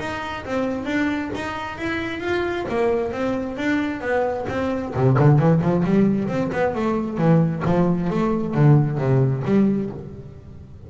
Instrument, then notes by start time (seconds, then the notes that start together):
double bass
0.00 D#4
0.46 C4
0.86 D4
1.35 D#4
1.78 E4
2.21 F4
2.69 A#3
3.13 C4
3.58 D4
4.01 B3
4.49 C4
4.95 C3
5.19 D3
5.39 E3
5.62 F3
5.85 G3
6.28 C4
6.53 B3
6.75 A3
7.18 E3
7.66 F3
8.10 A3
8.55 D3
8.98 C3
9.45 G3